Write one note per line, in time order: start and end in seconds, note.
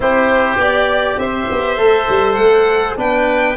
0.00 0.56 C4
0.00 0.57 E4
0.00 1.20 G4
0.00 0.60 C5
0.56 1.16 B3
0.56 1.77 G4
0.56 1.19 D5
1.17 1.46 C4
1.17 2.98 C5
1.17 2.34 E5
1.51 1.77 B3
1.77 2.07 A3
1.77 2.96 A4
2.09 2.36 G3
2.34 2.96 A3
2.34 2.93 F#5
2.96 3.56 B3
2.96 3.55 D4
2.96 3.57 B4
2.96 3.57 G5